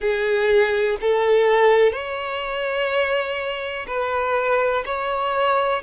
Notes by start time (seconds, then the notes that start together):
0.00 G#4
1.00 A4
1.92 C#5
3.87 B4
4.85 C#5